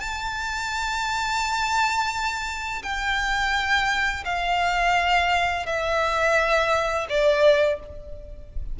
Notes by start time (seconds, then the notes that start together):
0.00 A5
2.83 G5
4.24 F5
5.66 E5
7.09 D5